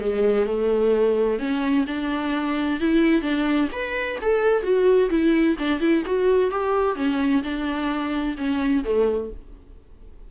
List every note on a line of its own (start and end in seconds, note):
0.00 0.46 G#3
0.46 1.39 A3
1.39 1.85 C#4
1.87 2.80 D4
2.80 3.22 E4
3.22 3.68 D4
3.72 4.18 B4
4.21 4.63 A4
4.63 5.09 F#4
5.10 5.56 E4
5.58 5.80 D4
5.80 6.03 E4
6.06 6.51 F#4
6.51 6.96 G4
6.96 7.42 C#4
7.43 8.36 D4
8.37 8.84 C#4
8.84 9.30 A3